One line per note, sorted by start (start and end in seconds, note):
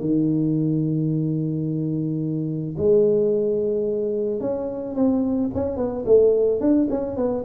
0.00 2.75 D#3
2.77 4.40 G#3
4.40 4.95 C#4
4.95 5.50 C4
5.54 5.77 C#4
5.77 6.04 B3
6.06 6.60 A3
6.60 6.88 D4
6.90 7.16 C#4
7.16 7.44 B3